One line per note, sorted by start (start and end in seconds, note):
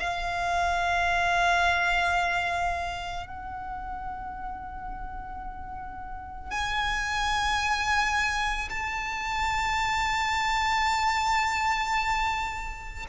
0.00 3.27 F5
3.27 6.51 F#5
6.51 8.69 G#5
8.70 13.06 A5